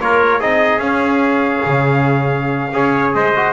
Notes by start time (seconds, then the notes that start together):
0.00 A#3 F4 A#4 C#5
0.39 C4 D#4 G#4 D#5
0.78 C#4 F5
1.66 C#3
2.72 C#4 G#4 C#5
3.14 G#3 C5 D#5
3.35 F#4